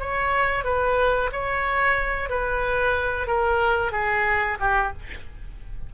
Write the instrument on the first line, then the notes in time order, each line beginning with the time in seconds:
oboe
0.00 C#5
0.65 B4
1.32 C#5
2.30 B4
3.27 A#4
3.92 G#4
4.60 G4